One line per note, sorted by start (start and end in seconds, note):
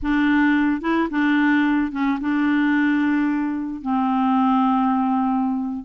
0.02 0.81 D4
0.81 1.08 E4
1.10 1.91 D4
1.91 2.18 C#4
2.20 3.81 D4
3.81 5.84 C4